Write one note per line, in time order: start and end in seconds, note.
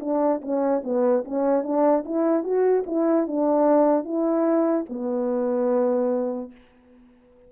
0.00 0.41 D4
0.41 0.82 C#4
0.83 1.24 B3
1.25 1.63 C#4
1.63 2.03 D4
2.05 2.43 E4
2.43 2.84 F#4
2.86 3.27 E4
3.27 4.04 D4
4.04 4.85 E4
4.89 6.51 B3